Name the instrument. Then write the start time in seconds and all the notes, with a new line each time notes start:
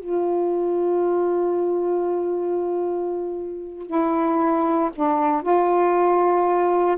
saxophone
0.00 F4
3.87 E4
4.95 D4
5.42 F4